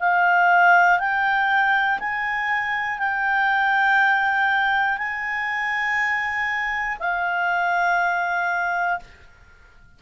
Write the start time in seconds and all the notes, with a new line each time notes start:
0.00 F5
0.99 G5
2.00 G#5
2.99 G5
4.98 G#5
7.00 F5